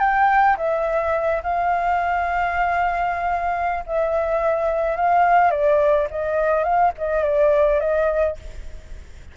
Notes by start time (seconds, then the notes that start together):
0.00 G5
0.57 E5
1.44 F5
3.86 E5
4.97 F5
5.51 D5
6.11 D#5
6.64 F5
6.98 D#5
7.23 D5
7.80 D#5